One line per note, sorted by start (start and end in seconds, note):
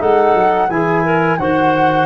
0.00 0.35 G#3
0.00 0.70 D#4
0.00 0.69 A4
0.00 0.71 F#5
0.35 0.69 F#3
0.70 1.39 E3
0.70 1.39 E4
0.70 1.04 G#4
0.70 1.39 G#5
1.04 1.39 A#4
1.39 2.07 D#3
1.39 2.07 F#4
1.39 2.07 C5
1.39 2.07 F#5